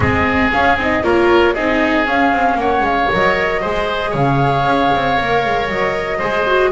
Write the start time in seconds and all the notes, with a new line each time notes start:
0.00 G#3 C4 G#4 D#5
0.51 C#4 F5
0.77 C4 D#4 D#5
1.02 A#3 F4 A#4 C#5
1.54 C4 D#4 G#4 D#5
2.05 C#4 F5
2.32 C4
2.55 A#3 C#5 F#5
2.80 G#3 F5
3.12 F#3 A#4 D#5
3.61 G#3 G#4 C5
4.10 C#3 C#5 F5
4.64 C#4
4.95 C4
5.16 A#3 A#4
5.45 G#3
5.68 F#3 D#5
6.18 G#3 G#4 C5
6.46 F#4